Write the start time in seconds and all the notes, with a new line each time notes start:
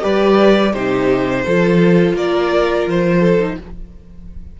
0.00 G3 G4 B4 D5
0.73 C3 D#4 G4 C5
1.46 F3 F4 A4
2.13 A#3 A#4 D5
2.86 F3 C5
3.19 A4
3.39 D#4